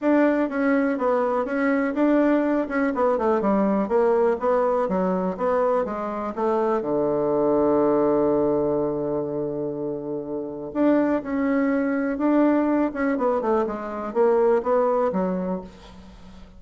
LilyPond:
\new Staff \with { instrumentName = "bassoon" } { \time 4/4 \tempo 4 = 123 d'4 cis'4 b4 cis'4 | d'4. cis'8 b8 a8 g4 | ais4 b4 fis4 b4 | gis4 a4 d2~ |
d1~ | d2 d'4 cis'4~ | cis'4 d'4. cis'8 b8 a8 | gis4 ais4 b4 fis4 | }